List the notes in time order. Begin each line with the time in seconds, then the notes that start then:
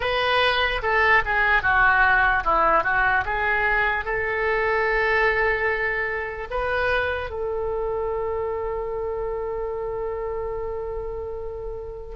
0.00 B4
0.82 A4
1.25 G#4
1.62 F#4
2.44 E4
2.83 F#4
3.25 G#4
4.04 A4
6.50 B4
7.30 A4